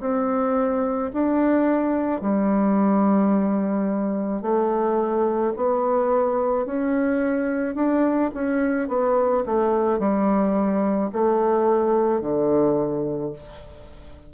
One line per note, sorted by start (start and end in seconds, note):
0.00 1.11 C4
1.13 2.21 D4
2.21 4.42 G3
4.42 5.53 A3
5.56 6.66 B3
6.66 7.75 C#4
7.75 8.30 D4
8.34 8.88 C#4
8.88 9.44 B3
9.45 9.99 A3
9.99 11.10 G3
11.13 12.21 A3
12.21 13.32 D3